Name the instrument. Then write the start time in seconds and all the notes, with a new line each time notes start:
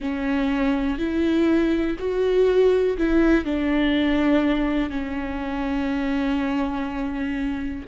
viola
0.00 C#4
0.98 E4
1.99 F#4
2.97 E4
3.44 D4
4.90 C#4